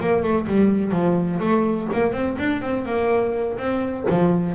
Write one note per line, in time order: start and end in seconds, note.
0.00 0.22 A#3
0.22 0.46 A3
0.47 0.91 G3
0.91 1.39 F3
1.40 1.88 A3
1.92 2.12 A#3
2.12 2.36 C4
2.38 2.61 D4
2.61 2.85 C4
2.85 3.57 A#3
3.58 4.06 C4
4.10 4.55 F3